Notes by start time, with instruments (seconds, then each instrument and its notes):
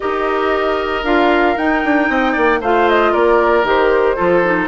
0.00 bassoon D#4, clarinet G4, oboe A#4, flute D#5
1.03 bassoon D4, clarinet F4, flute F5
1.56 clarinet D#4, bassoon D#4, flute G5
1.84 bassoon D4
2.09 bassoon C4, oboe D#5
2.32 bassoon A#3, oboe D5
2.60 bassoon A3, clarinet F4, oboe C5, flute F5
2.89 flute D#5
3.12 bassoon A#3, oboe A#4, flute D5
3.63 bassoon D#3, clarinet G4, flute C5
4.16 bassoon F3, clarinet F4, oboe A4
4.44 clarinet D#4